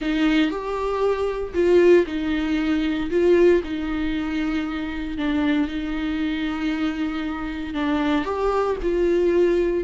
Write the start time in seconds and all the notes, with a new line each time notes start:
0.01 D#4
0.50 G4
1.54 F4
2.06 D#4
3.10 F4
3.63 D#4
5.17 D4
5.68 D#4
7.74 D4
8.25 G4
8.82 F4